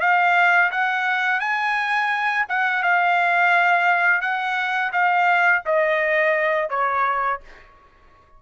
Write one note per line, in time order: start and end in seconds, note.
0.00 0.71 F5
0.71 1.40 F#5
1.40 2.45 G#5
2.48 2.82 F#5
2.82 4.21 F5
4.21 4.91 F#5
4.92 5.62 F5
5.65 6.69 D#5
6.69 7.40 C#5